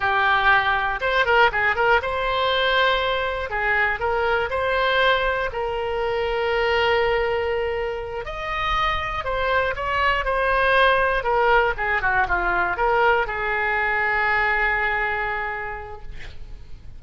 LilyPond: \new Staff \with { instrumentName = "oboe" } { \time 4/4 \tempo 4 = 120 g'2 c''8 ais'8 gis'8 ais'8 | c''2. gis'4 | ais'4 c''2 ais'4~ | ais'1~ |
ais'8 dis''2 c''4 cis''8~ | cis''8 c''2 ais'4 gis'8 | fis'8 f'4 ais'4 gis'4.~ | gis'1 | }